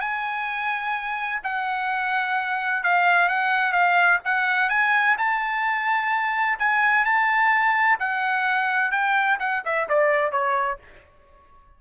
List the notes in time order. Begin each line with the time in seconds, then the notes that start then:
0.00 G#5
1.43 F#5
2.83 F5
3.28 F#5
3.72 F5
4.24 F#5
4.69 G#5
5.18 A5
6.59 G#5
7.05 A5
7.99 F#5
8.91 G5
9.39 F#5
9.65 E5
9.88 D5
10.31 C#5